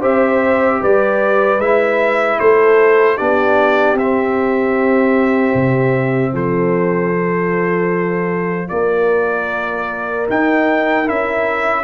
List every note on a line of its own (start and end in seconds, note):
0.00 0.82 C4
0.00 1.59 G4
0.00 0.79 C5
0.00 0.82 E5
0.81 1.58 G3
0.81 2.39 B4
0.81 1.60 D5
1.58 2.37 G#3
1.58 3.17 E4
1.58 2.39 E5
2.39 3.19 A3
2.39 3.17 A4
2.39 3.17 C5
3.17 3.94 B3
3.17 3.96 D4
3.17 6.32 G4
3.17 3.96 D5
3.94 5.51 C4
3.94 7.13 C4
3.94 6.35 E5
5.54 6.33 C3
6.33 8.70 F3
6.33 8.70 A4
6.33 8.68 C5
7.13 10.28 F4
8.68 10.28 A#3
8.68 11.83 A#4
8.68 10.26 D5
10.28 11.05 D#4
10.28 11.09 D#4
10.28 11.08 G5
11.05 11.83 C#4
11.05 11.83 E4
11.05 11.83 E5